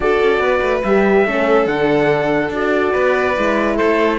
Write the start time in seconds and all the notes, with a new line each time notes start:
0.00 D4 F#4 A4 D5
0.22 C#4
0.39 B3 B4
0.61 A3
0.83 G3 G4 E5
1.25 A3 C#4 A4
1.66 D3 D4 F#5
2.49 D4 F#4 D5
2.93 B3 B4
3.35 G#3 E4
3.76 A3 A4 C5